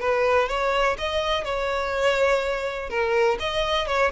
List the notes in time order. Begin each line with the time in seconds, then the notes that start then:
0.00 B4
0.49 C#5
0.98 D#5
1.45 C#5
2.90 A#4
3.40 D#5
3.88 C#5